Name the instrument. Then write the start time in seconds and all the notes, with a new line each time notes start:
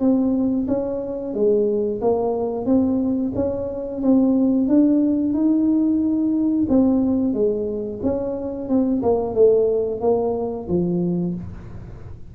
tuba
0.00 C4
0.68 C#4
1.34 G#3
2.01 A#3
2.65 C4
3.35 C#4
4.02 C4
4.68 D4
5.33 D#4
6.69 C4
7.33 G#3
8.02 C#4
8.69 C4
9.02 A#3
9.34 A3
10.01 A#3
10.68 F3